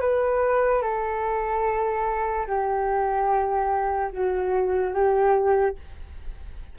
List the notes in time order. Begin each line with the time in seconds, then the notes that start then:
0.00 B4
0.81 A4
2.46 G4
4.12 F#4
4.93 G4